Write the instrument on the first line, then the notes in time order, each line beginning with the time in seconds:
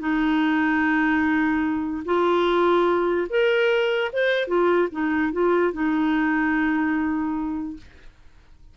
clarinet
0.00 D#4
2.06 F4
3.30 A#4
4.13 C5
4.48 F4
4.92 D#4
5.33 F4
5.73 D#4